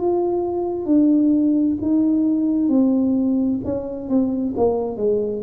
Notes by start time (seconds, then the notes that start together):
0.00 F4
0.86 D4
1.82 D#4
2.69 C4
3.65 C#4
4.09 C4
4.57 A#3
4.98 G#3